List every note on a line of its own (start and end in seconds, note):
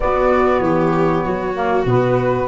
0.00 0.60 B3
0.00 1.54 B3
0.00 0.64 F#4
0.00 0.60 D5
0.60 1.22 E3
0.60 1.25 G4
0.60 1.84 C#5
1.25 1.85 F#3
1.25 2.47 F#4
1.54 1.85 A#3
1.85 2.47 B2
1.85 2.47 B3
1.85 2.47 B4